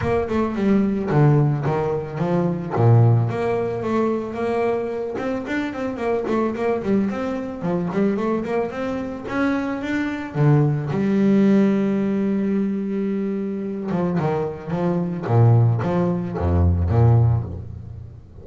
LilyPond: \new Staff \with { instrumentName = "double bass" } { \time 4/4 \tempo 4 = 110 ais8 a8 g4 d4 dis4 | f4 ais,4 ais4 a4 | ais4. c'8 d'8 c'8 ais8 a8 | ais8 g8 c'4 f8 g8 a8 ais8 |
c'4 cis'4 d'4 d4 | g1~ | g4. f8 dis4 f4 | ais,4 f4 f,4 ais,4 | }